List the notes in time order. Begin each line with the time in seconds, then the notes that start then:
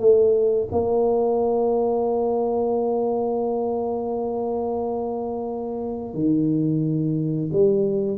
0.00 A3
0.72 A#3
6.14 D#3
7.52 G3